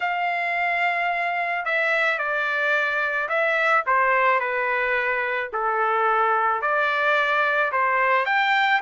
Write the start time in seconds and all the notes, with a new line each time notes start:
0.00 F5
1.65 E5
2.18 D5
3.28 E5
3.86 C5
4.40 B4
5.52 A4
6.61 D5
7.71 C5
8.25 G5